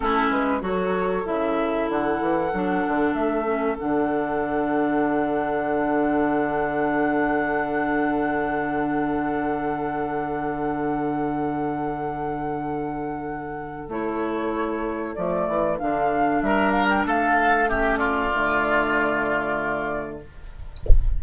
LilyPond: <<
  \new Staff \with { instrumentName = "flute" } { \time 4/4 \tempo 4 = 95 a'8 b'8 cis''4 e''4 fis''4~ | fis''4 e''4 fis''2~ | fis''1~ | fis''1~ |
fis''1~ | fis''2 cis''2 | d''4 f''4 e''8 f''16 g''16 f''4 | e''8 d''2.~ d''8 | }
  \new Staff \with { instrumentName = "oboe" } { \time 4/4 e'4 a'2.~ | a'1~ | a'1~ | a'1~ |
a'1~ | a'1~ | a'2 ais'4 a'4 | g'8 f'2.~ f'8 | }
  \new Staff \with { instrumentName = "clarinet" } { \time 4/4 cis'4 fis'4 e'2 | d'4. cis'8 d'2~ | d'1~ | d'1~ |
d'1~ | d'2 e'2 | a4 d'2. | cis'4 a2. | }
  \new Staff \with { instrumentName = "bassoon" } { \time 4/4 a8 gis8 fis4 cis4 d8 e8 | fis8 d8 a4 d2~ | d1~ | d1~ |
d1~ | d2 a2 | f8 e8 d4 g4 a4~ | a4 d2. | }
>>